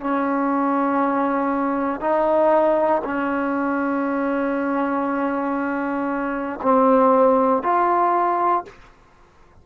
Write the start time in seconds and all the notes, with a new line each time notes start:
0.00 C#4
2.01 D#4
3.04 C#4
6.62 C4
7.63 F4